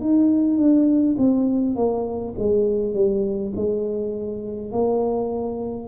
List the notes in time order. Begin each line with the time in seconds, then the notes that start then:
0.00 D#4
0.57 D4
1.18 C4
1.75 A#3
2.38 G#3
2.94 G3
3.56 G#3
4.71 A#3